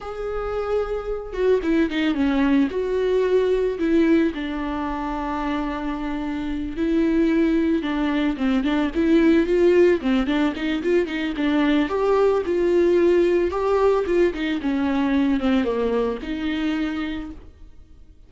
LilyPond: \new Staff \with { instrumentName = "viola" } { \time 4/4 \tempo 4 = 111 gis'2~ gis'8 fis'8 e'8 dis'8 | cis'4 fis'2 e'4 | d'1~ | d'8 e'2 d'4 c'8 |
d'8 e'4 f'4 c'8 d'8 dis'8 | f'8 dis'8 d'4 g'4 f'4~ | f'4 g'4 f'8 dis'8 cis'4~ | cis'8 c'8 ais4 dis'2 | }